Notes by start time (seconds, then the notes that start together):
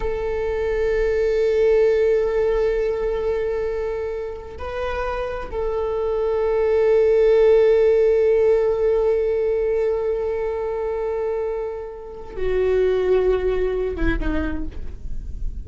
0.00 A4
4.58 B4
5.51 A4
12.36 F#4
13.96 E4
14.19 D#4